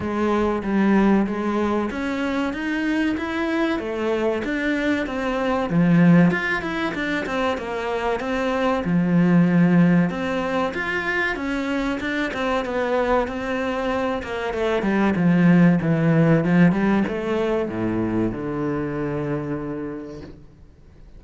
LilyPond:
\new Staff \with { instrumentName = "cello" } { \time 4/4 \tempo 4 = 95 gis4 g4 gis4 cis'4 | dis'4 e'4 a4 d'4 | c'4 f4 f'8 e'8 d'8 c'8 | ais4 c'4 f2 |
c'4 f'4 cis'4 d'8 c'8 | b4 c'4. ais8 a8 g8 | f4 e4 f8 g8 a4 | a,4 d2. | }